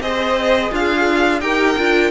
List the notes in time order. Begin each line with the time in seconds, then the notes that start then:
0.00 C4 G#4 C5 D#5
0.71 D4 F4 F5
1.41 D#4 G4 A#4 G5
1.78 D4 F4